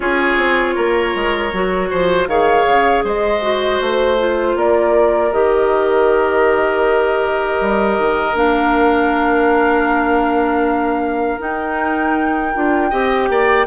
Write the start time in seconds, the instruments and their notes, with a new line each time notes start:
0.00 bassoon C#4, clarinet F4, oboe G#4, flute C#5
0.37 bassoon C4
0.75 bassoon A#3, oboe A#4
1.15 bassoon G#3
1.53 bassoon F#3, clarinet F#4
1.90 bassoon F3, oboe C5
2.27 bassoon D#3, clarinet G#4, oboe C#5, flute F5
2.66 bassoon C#3
3.04 bassoon G#3, oboe C5, flute D#5
3.41 clarinet F#4
3.80 bassoon A3, flute C5
4.18 clarinet F4
4.55 bassoon A#3, oboe A#4, flute D5
5.32 bassoon D#3, clarinet G4, flute D#5
7.60 bassoon G3
7.98 bassoon D#3
8.34 bassoon A#3, clarinet D4, flute F5
11.38 clarinet D#4, bassoon D#4, flute G5
12.54 bassoon D4, clarinet F4
12.90 bassoon C4, clarinet G4, oboe D#5
13.29 bassoon A#3, oboe D5